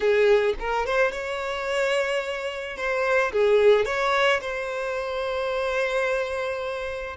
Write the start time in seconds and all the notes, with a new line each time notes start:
0.00 G#4
0.59 A#4
0.85 C5
1.11 C#5
2.76 C5
3.32 G#4
3.85 C#5
4.41 C5